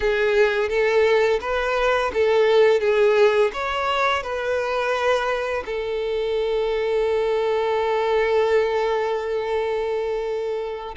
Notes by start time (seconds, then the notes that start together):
0.00 G#4
0.69 A4
1.41 B4
2.13 A4
2.80 G#4
3.53 C#5
4.22 B4
5.65 A4